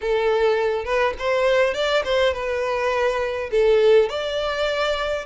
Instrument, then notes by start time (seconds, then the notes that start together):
violin
0.01 A4
0.84 B4
1.18 C5
1.73 D5
2.04 C5
2.33 B4
3.51 A4
4.09 D5